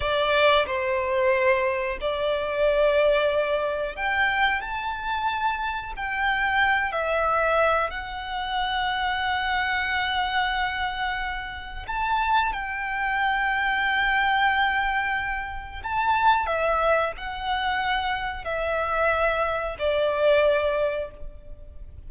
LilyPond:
\new Staff \with { instrumentName = "violin" } { \time 4/4 \tempo 4 = 91 d''4 c''2 d''4~ | d''2 g''4 a''4~ | a''4 g''4. e''4. | fis''1~ |
fis''2 a''4 g''4~ | g''1 | a''4 e''4 fis''2 | e''2 d''2 | }